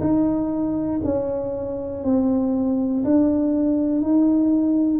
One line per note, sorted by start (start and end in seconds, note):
0.00 1.00 D#4
1.04 2.04 C#4
2.04 3.04 C4
3.04 4.01 D4
4.01 5.00 D#4